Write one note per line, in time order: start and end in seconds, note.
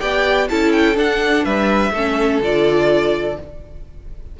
0.00 0.49 B3
0.00 0.48 G4
0.00 0.48 D5
0.00 0.48 G5
0.49 0.96 C#4
0.49 0.95 E4
0.49 1.44 A4
0.49 0.72 A5
0.72 0.96 G5
0.95 1.91 D4
0.95 1.45 D4
0.95 1.45 F#5
1.44 1.91 G3
1.44 1.92 B4
1.44 2.41 E5
1.91 2.39 A3
1.91 2.43 C#4
1.91 3.37 A4
2.41 3.37 D3
2.41 3.39 F4
2.41 3.40 D5